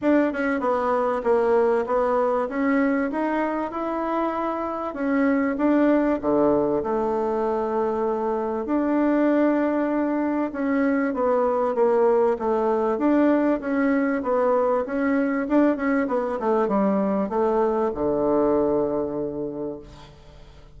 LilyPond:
\new Staff \with { instrumentName = "bassoon" } { \time 4/4 \tempo 4 = 97 d'8 cis'8 b4 ais4 b4 | cis'4 dis'4 e'2 | cis'4 d'4 d4 a4~ | a2 d'2~ |
d'4 cis'4 b4 ais4 | a4 d'4 cis'4 b4 | cis'4 d'8 cis'8 b8 a8 g4 | a4 d2. | }